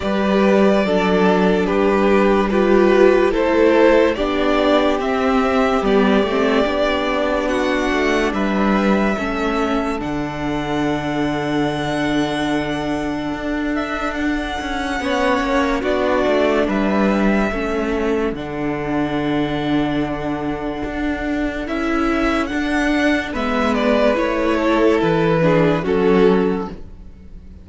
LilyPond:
<<
  \new Staff \with { instrumentName = "violin" } { \time 4/4 \tempo 4 = 72 d''2 b'4 g'4 | c''4 d''4 e''4 d''4~ | d''4 fis''4 e''2 | fis''1~ |
fis''8 e''8 fis''2 d''4 | e''2 fis''2~ | fis''2 e''4 fis''4 | e''8 d''8 cis''4 b'4 a'4 | }
  \new Staff \with { instrumentName = "violin" } { \time 4/4 b'4 a'4 g'4 b'4 | a'4 g'2.~ | g'4 fis'4 b'4 a'4~ | a'1~ |
a'2 cis''4 fis'4 | b'4 a'2.~ | a'1 | b'4. a'4 gis'8 fis'4 | }
  \new Staff \with { instrumentName = "viola" } { \time 4/4 g'4 d'2 f'4 | e'4 d'4 c'4 b8 c'8 | d'2. cis'4 | d'1~ |
d'2 cis'4 d'4~ | d'4 cis'4 d'2~ | d'2 e'4 d'4 | b4 e'4. d'8 cis'4 | }
  \new Staff \with { instrumentName = "cello" } { \time 4/4 g4 fis4 g2 | a4 b4 c'4 g8 a8 | b4. a8 g4 a4 | d1 |
d'4. cis'8 b8 ais8 b8 a8 | g4 a4 d2~ | d4 d'4 cis'4 d'4 | gis4 a4 e4 fis4 | }
>>